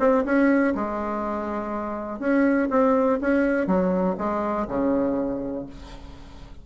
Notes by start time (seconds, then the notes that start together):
0.00 C4
0.25 C#4
0.75 G#3
2.20 C#4
2.71 C4
3.21 C#4
3.67 F#3
4.18 G#3
4.68 C#3